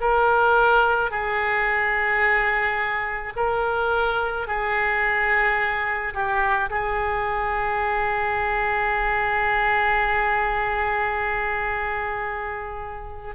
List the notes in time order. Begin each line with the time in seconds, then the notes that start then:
0.00 A#4
1.11 G#4
3.36 A#4
4.47 G#4
6.14 G4
6.70 G#4